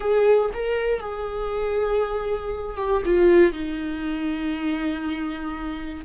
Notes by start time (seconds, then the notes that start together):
0.00 G#4
0.53 A#4
1.00 G#4
2.76 G4
3.05 F4
3.52 D#4